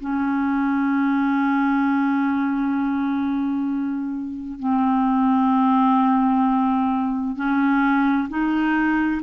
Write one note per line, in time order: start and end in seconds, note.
0.00 4.59 C#4
4.59 7.36 C4
7.36 8.28 C#4
8.30 9.22 D#4